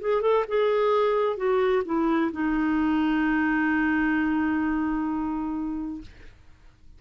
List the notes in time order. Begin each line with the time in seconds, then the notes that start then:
0.00 G#4
0.21 A4
0.48 G#4
1.36 F#4
1.85 E4
2.32 D#4